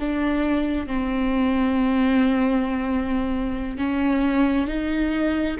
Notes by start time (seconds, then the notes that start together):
0.00 D4
0.87 C4
3.78 C#4
4.67 D#4